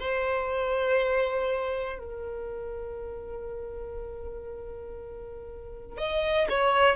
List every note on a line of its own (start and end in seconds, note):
0.00 1.99 C5
1.99 5.98 A#4
5.98 6.48 D#5
6.50 6.96 C#5